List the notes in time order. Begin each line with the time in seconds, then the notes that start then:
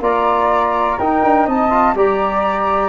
0.00 A#3 F4 D5 A#5
0.98 D#4 A#4 G5
1.24 D4
1.46 C4 D#5 A5
1.70 F4
1.95 G3 G4 D5 A#5